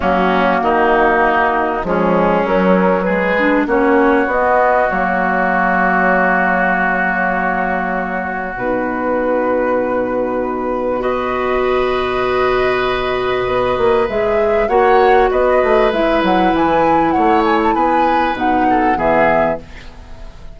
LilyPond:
<<
  \new Staff \with { instrumentName = "flute" } { \time 4/4 \tempo 4 = 98 fis'2. gis'4 | ais'4 b'4 cis''4 dis''4 | cis''1~ | cis''2 b'2~ |
b'2 dis''2~ | dis''2. e''4 | fis''4 dis''4 e''8 fis''8 gis''4 | fis''8 gis''16 a''16 gis''4 fis''4 e''4 | }
  \new Staff \with { instrumentName = "oboe" } { \time 4/4 cis'4 dis'2 cis'4~ | cis'4 gis'4 fis'2~ | fis'1~ | fis'1~ |
fis'2 b'2~ | b'1 | cis''4 b'2. | cis''4 b'4. a'8 gis'4 | }
  \new Staff \with { instrumentName = "clarinet" } { \time 4/4 ais2. gis4 | fis4. d'8 cis'4 b4 | ais1~ | ais2 dis'2~ |
dis'2 fis'2~ | fis'2. gis'4 | fis'2 e'2~ | e'2 dis'4 b4 | }
  \new Staff \with { instrumentName = "bassoon" } { \time 4/4 fis4 dis2 f4 | fis4 gis4 ais4 b4 | fis1~ | fis2 b,2~ |
b,1~ | b,2 b8 ais8 gis4 | ais4 b8 a8 gis8 fis8 e4 | a4 b4 b,4 e4 | }
>>